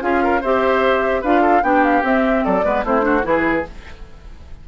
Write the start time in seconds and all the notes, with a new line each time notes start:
0.00 C#4 F4 G#4 F5
0.23 A#4
0.40 C4 G4 C5 E5
1.21 D4 F4 B4 F5
1.41 A4
1.62 B3 D4 G4 G5
1.83 F5
2.02 C4 E5
2.44 F#3 A4 D5
2.64 G#3 B3 B4
2.83 A3 C4 E4 C5
3.00 D4 F#4
3.22 E3 E4 G#4 B4